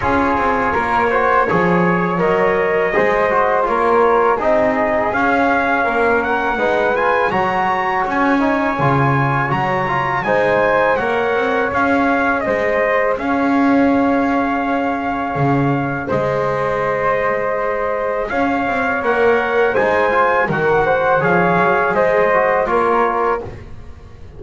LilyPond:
<<
  \new Staff \with { instrumentName = "trumpet" } { \time 4/4 \tempo 4 = 82 cis''2. dis''4~ | dis''4 cis''4 dis''4 f''4~ | f''8 fis''4 gis''8 ais''4 gis''4~ | gis''4 ais''4 gis''4 fis''4 |
f''4 dis''4 f''2~ | f''2 dis''2~ | dis''4 f''4 fis''4 gis''4 | fis''4 f''4 dis''4 cis''4 | }
  \new Staff \with { instrumentName = "flute" } { \time 4/4 gis'4 ais'8 c''8 cis''2 | c''4 ais'4 gis'2 | ais'4 b'4 cis''2~ | cis''2 c''4 cis''4~ |
cis''4 c''4 cis''2~ | cis''2 c''2~ | c''4 cis''2 c''4 | ais'8 c''8 cis''4 c''4 ais'4 | }
  \new Staff \with { instrumentName = "trombone" } { \time 4/4 f'4. fis'8 gis'4 ais'4 | gis'8 fis'8 f'4 dis'4 cis'4~ | cis'4 dis'8 f'8 fis'4. dis'8 | f'4 fis'8 f'8 dis'4 ais'4 |
gis'1~ | gis'1~ | gis'2 ais'4 dis'8 f'8 | fis'4 gis'4. fis'8 f'4 | }
  \new Staff \with { instrumentName = "double bass" } { \time 4/4 cis'8 c'8 ais4 f4 fis4 | gis4 ais4 c'4 cis'4 | ais4 gis4 fis4 cis'4 | cis4 fis4 gis4 ais8 c'8 |
cis'4 gis4 cis'2~ | cis'4 cis4 gis2~ | gis4 cis'8 c'8 ais4 gis4 | dis4 f8 fis8 gis4 ais4 | }
>>